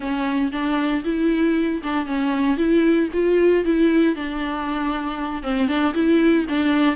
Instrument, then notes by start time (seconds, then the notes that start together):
viola
0.00 C#4
0.52 D4
1.04 E4
1.83 D4
2.05 C#4
2.57 E4
3.13 F4
3.65 E4
4.15 D4
5.42 C4
5.68 D4
5.94 E4
6.48 D4